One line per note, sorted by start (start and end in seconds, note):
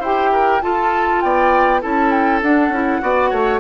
0.00 0.60 E4
0.00 0.62 G4
0.00 0.30 C5
0.00 0.62 G5
0.32 0.62 A#4
0.62 1.82 F4
0.62 1.24 F4
0.62 1.24 A4
0.62 1.21 A5
1.21 1.83 B3
1.21 1.81 D5
1.21 1.81 G5
1.81 2.42 C#4
1.81 2.42 E4
1.81 3.02 A4
1.81 2.11 A5
2.11 2.41 G5
2.42 2.69 D4
2.42 2.74 D4
2.42 3.60 F#5
2.69 2.99 C#4
2.69 3.02 E4
3.02 3.32 B3
3.02 3.60 F#4
3.02 3.30 D5
3.30 3.60 A3
3.30 3.60 C#5